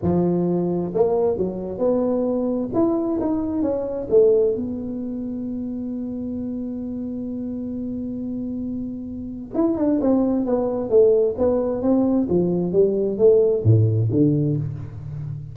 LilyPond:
\new Staff \with { instrumentName = "tuba" } { \time 4/4 \tempo 4 = 132 f2 ais4 fis4 | b2 e'4 dis'4 | cis'4 a4 b2~ | b1~ |
b1~ | b4 e'8 d'8 c'4 b4 | a4 b4 c'4 f4 | g4 a4 a,4 d4 | }